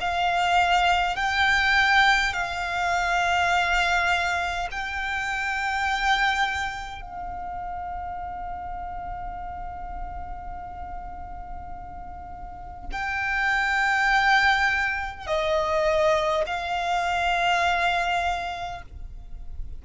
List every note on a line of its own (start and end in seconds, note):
0.00 1.16 F5
1.16 2.33 G5
2.33 4.68 F5
4.71 7.01 G5
7.01 12.89 F5
12.91 15.26 G5
15.26 16.44 D#5
16.46 18.81 F5